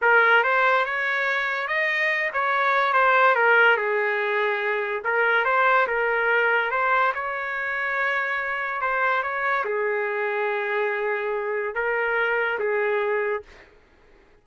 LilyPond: \new Staff \with { instrumentName = "trumpet" } { \time 4/4 \tempo 4 = 143 ais'4 c''4 cis''2 | dis''4. cis''4. c''4 | ais'4 gis'2. | ais'4 c''4 ais'2 |
c''4 cis''2.~ | cis''4 c''4 cis''4 gis'4~ | gis'1 | ais'2 gis'2 | }